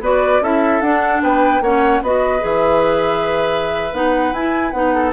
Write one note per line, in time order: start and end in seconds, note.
0.00 0.40 B3
0.00 0.42 F#4
0.00 0.43 B4
0.00 0.43 D5
0.41 0.81 C#4
0.41 0.83 E4
0.41 1.22 A4
0.41 0.81 E5
0.81 1.21 D4
0.81 1.63 D4
0.81 1.21 F#5
1.22 1.60 B3
1.22 1.62 B4
1.22 1.63 G5
1.60 2.01 A#3
1.60 2.03 C#4
1.60 2.03 C#5
1.60 2.03 F#5
2.02 2.42 B3
2.02 2.40 F#4
2.02 4.94 B4
2.02 2.44 D#5
2.40 3.92 E3
2.40 3.91 G#4
2.40 3.94 E5
3.92 4.32 B3
3.92 4.34 D#4
3.92 4.34 F#5
4.33 4.73 E4
4.33 4.71 G#5
4.71 5.13 B3
4.71 5.13 D#4
4.71 5.11 F#5
4.94 5.13 A4